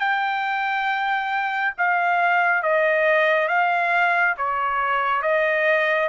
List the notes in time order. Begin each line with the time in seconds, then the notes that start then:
0.00 G5
1.77 F5
2.62 D#5
3.48 F5
4.37 C#5
5.22 D#5